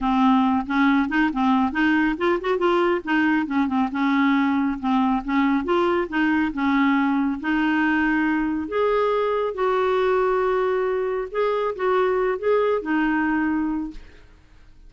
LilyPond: \new Staff \with { instrumentName = "clarinet" } { \time 4/4 \tempo 4 = 138 c'4. cis'4 dis'8 c'4 | dis'4 f'8 fis'8 f'4 dis'4 | cis'8 c'8 cis'2 c'4 | cis'4 f'4 dis'4 cis'4~ |
cis'4 dis'2. | gis'2 fis'2~ | fis'2 gis'4 fis'4~ | fis'8 gis'4 dis'2~ dis'8 | }